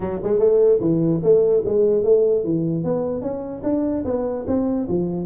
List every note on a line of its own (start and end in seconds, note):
0.00 0.20 F#3
0.23 0.39 G#3
0.39 0.79 A3
0.80 1.21 E3
1.23 1.63 A3
1.65 2.03 G#3
2.03 2.43 A3
2.43 2.84 E3
2.84 3.21 B3
3.21 3.62 C#4
3.63 4.03 D4
4.04 4.45 B3
4.47 4.87 C4
4.88 5.26 F3